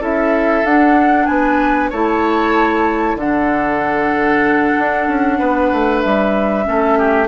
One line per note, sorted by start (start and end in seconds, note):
0.00 0.63 C#4
0.00 0.64 E4
0.00 1.27 A4
0.00 0.66 E5
0.64 1.27 D4
0.64 1.93 D4
0.64 1.26 F#5
1.26 1.91 B3
1.26 1.90 B4
1.26 1.89 G#5
1.90 3.15 A3
1.90 3.19 E4
1.90 3.16 C#5
1.90 3.18 A5
3.15 4.73 D3
3.15 6.64 D4
3.15 5.38 A4
3.15 6.02 F#5
4.79 5.08 D4
5.08 5.39 C#4
5.38 5.72 B3
5.38 6.65 B4
5.72 6.04 A3
6.02 6.67 G3
6.02 7.28 E5
6.64 7.28 A3
6.64 7.27 C#4
6.64 6.98 A4
6.98 7.28 G4